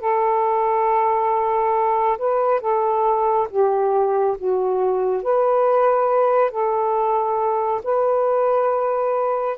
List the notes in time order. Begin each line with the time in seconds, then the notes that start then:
0.00 A4
2.18 B4
2.60 A4
3.50 G4
4.38 F#4
5.23 B4
6.51 A4
7.83 B4